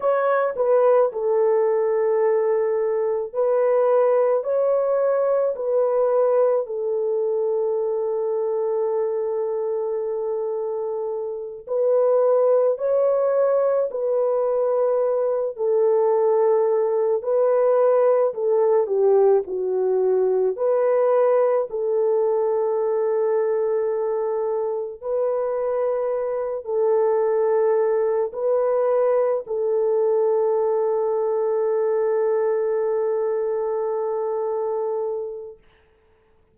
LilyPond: \new Staff \with { instrumentName = "horn" } { \time 4/4 \tempo 4 = 54 cis''8 b'8 a'2 b'4 | cis''4 b'4 a'2~ | a'2~ a'8 b'4 cis''8~ | cis''8 b'4. a'4. b'8~ |
b'8 a'8 g'8 fis'4 b'4 a'8~ | a'2~ a'8 b'4. | a'4. b'4 a'4.~ | a'1 | }